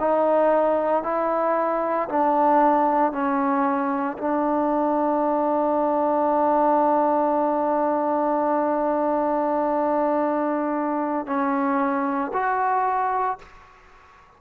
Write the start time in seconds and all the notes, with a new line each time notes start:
0.00 D#4
1.04 E4
2.10 D4
3.12 C#4
4.18 D4
11.27 C#4
12.33 F#4